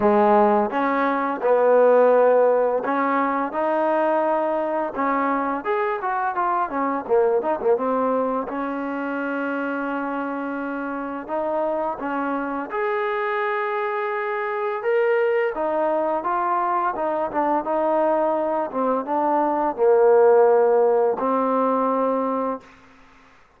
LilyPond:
\new Staff \with { instrumentName = "trombone" } { \time 4/4 \tempo 4 = 85 gis4 cis'4 b2 | cis'4 dis'2 cis'4 | gis'8 fis'8 f'8 cis'8 ais8 dis'16 ais16 c'4 | cis'1 |
dis'4 cis'4 gis'2~ | gis'4 ais'4 dis'4 f'4 | dis'8 d'8 dis'4. c'8 d'4 | ais2 c'2 | }